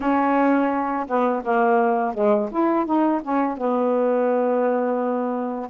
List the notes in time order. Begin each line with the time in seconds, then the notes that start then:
0.00 C#4
1.07 B3
1.43 A#3
2.14 G#3
2.51 E4
2.85 D#4
3.22 C#4
3.57 B3